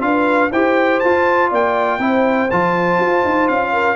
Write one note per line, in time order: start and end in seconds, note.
0.00 0.51 D4
0.00 0.50 F4
0.00 0.51 B4
0.00 0.51 F5
0.51 1.02 E4
0.51 1.04 G4
0.51 1.50 C5
0.51 1.00 G5
1.00 2.00 F4
1.00 1.52 F4
1.00 1.49 A5
1.50 1.99 A#3
1.50 1.99 D5
1.50 2.50 G5
1.99 2.48 C4
1.99 2.49 E4
1.99 3.73 C5
2.50 2.99 F3
2.50 3.96 F4
2.50 3.48 A5
2.99 3.24 F4
3.25 3.49 D#4
3.48 3.96 C#4
3.48 3.96 F5
3.73 3.96 A#4